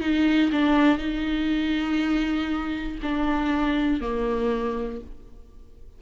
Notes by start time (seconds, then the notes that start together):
0.00 D#4
0.51 D4
0.97 D#4
3.02 D4
4.00 A#3